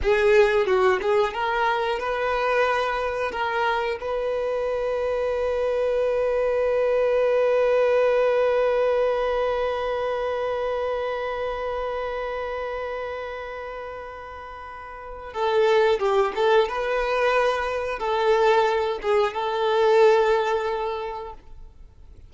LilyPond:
\new Staff \with { instrumentName = "violin" } { \time 4/4 \tempo 4 = 90 gis'4 fis'8 gis'8 ais'4 b'4~ | b'4 ais'4 b'2~ | b'1~ | b'1~ |
b'1~ | b'2. a'4 | g'8 a'8 b'2 a'4~ | a'8 gis'8 a'2. | }